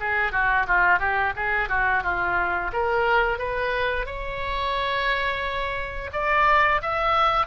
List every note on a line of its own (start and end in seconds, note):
0.00 0.32 G#4
0.32 0.66 F#4
0.67 0.99 F4
0.99 1.33 G4
1.36 1.69 G#4
1.69 2.03 F#4
2.03 2.71 F4
2.73 3.38 A#4
3.38 4.06 B4
4.06 6.10 C#5
6.13 6.81 D5
6.82 7.46 E5